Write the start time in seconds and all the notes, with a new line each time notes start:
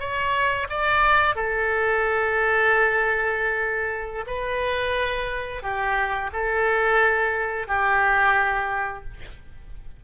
0.00 C#5
0.70 D5
1.36 A4
4.27 B4
5.63 G4
6.33 A4
7.68 G4